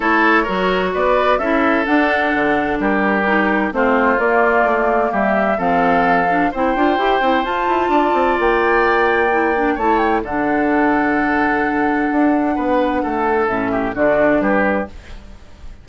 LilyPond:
<<
  \new Staff \with { instrumentName = "flute" } { \time 4/4 \tempo 4 = 129 cis''2 d''4 e''4 | fis''2 ais'2 | c''4 d''2 e''4 | f''2 g''2 |
a''2 g''2~ | g''4 a''8 g''8 fis''2~ | fis''1~ | fis''4 e''4 d''4 b'4 | }
  \new Staff \with { instrumentName = "oboe" } { \time 4/4 a'4 ais'4 b'4 a'4~ | a'2 g'2 | f'2. g'4 | a'2 c''2~ |
c''4 d''2.~ | d''4 cis''4 a'2~ | a'2. b'4 | a'4. g'8 fis'4 g'4 | }
  \new Staff \with { instrumentName = "clarinet" } { \time 4/4 e'4 fis'2 e'4 | d'2. dis'4 | c'4 ais2. | c'4. d'8 e'8 f'8 g'8 e'8 |
f'1 | e'8 d'8 e'4 d'2~ | d'1~ | d'4 cis'4 d'2 | }
  \new Staff \with { instrumentName = "bassoon" } { \time 4/4 a4 fis4 b4 cis'4 | d'4 d4 g2 | a4 ais4 a4 g4 | f2 c'8 d'8 e'8 c'8 |
f'8 e'8 d'8 c'8 ais2~ | ais4 a4 d2~ | d2 d'4 b4 | a4 a,4 d4 g4 | }
>>